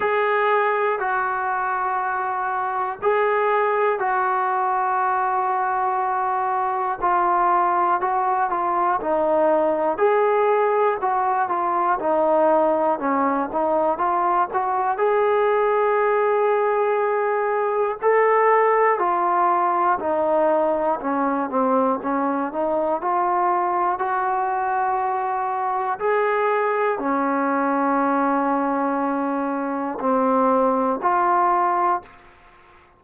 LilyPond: \new Staff \with { instrumentName = "trombone" } { \time 4/4 \tempo 4 = 60 gis'4 fis'2 gis'4 | fis'2. f'4 | fis'8 f'8 dis'4 gis'4 fis'8 f'8 | dis'4 cis'8 dis'8 f'8 fis'8 gis'4~ |
gis'2 a'4 f'4 | dis'4 cis'8 c'8 cis'8 dis'8 f'4 | fis'2 gis'4 cis'4~ | cis'2 c'4 f'4 | }